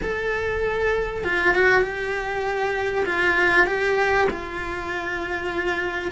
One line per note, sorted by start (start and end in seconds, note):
0.02 1.24 A4
1.24 1.54 F4
1.54 1.82 F#4
1.82 3.04 G4
3.05 3.66 F4
3.66 4.27 G4
4.30 6.11 F4